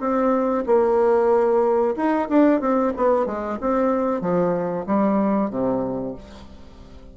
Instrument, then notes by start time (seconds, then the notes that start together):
bassoon
0.00 C4
0.66 A#3
1.96 D#4
2.29 D4
2.61 C4
2.97 B3
3.26 G#3
3.61 C4
4.21 F3
4.86 G3
5.50 C3